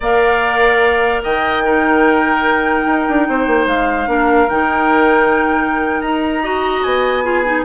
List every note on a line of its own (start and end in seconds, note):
0.00 1.23 A#3
0.00 1.64 A#4
0.00 1.22 D5
0.00 1.23 F5
1.23 2.85 D#3
1.23 1.64 D#5
1.23 3.68 G5
1.64 4.06 D#4
1.64 3.27 A#4
2.85 3.05 D#4
3.08 3.28 D4
3.28 3.46 C4
3.28 4.09 C5
3.46 3.66 A#3
3.66 4.07 G#3
3.66 4.49 F5
4.06 4.47 A#3
4.06 4.47 D4
4.06 6.42 A#4
4.49 6.01 D#3
4.49 6.43 D#4
4.49 6.01 G5
6.01 6.82 D#4
6.01 6.82 A#5
6.42 7.23 F#4
6.42 7.24 D#5
6.82 7.64 B3
6.82 7.64 G#5
7.23 7.44 F4
7.23 7.64 G#4
7.44 7.64 D#4